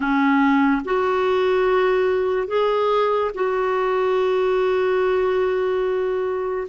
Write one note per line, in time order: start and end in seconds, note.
0.00 0.81 C#4
0.84 2.47 F#4
2.47 3.31 G#4
3.34 6.67 F#4